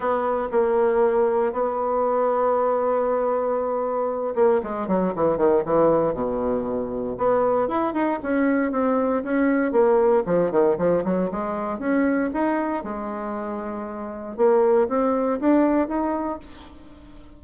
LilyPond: \new Staff \with { instrumentName = "bassoon" } { \time 4/4 \tempo 4 = 117 b4 ais2 b4~ | b1~ | b8 ais8 gis8 fis8 e8 dis8 e4 | b,2 b4 e'8 dis'8 |
cis'4 c'4 cis'4 ais4 | f8 dis8 f8 fis8 gis4 cis'4 | dis'4 gis2. | ais4 c'4 d'4 dis'4 | }